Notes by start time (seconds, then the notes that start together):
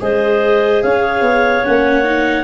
0.00 G#3 G#4 C5 D#5
0.83 C#4 C#5 F5
1.21 B3
1.65 A#3 C#4 F#5
2.04 D#4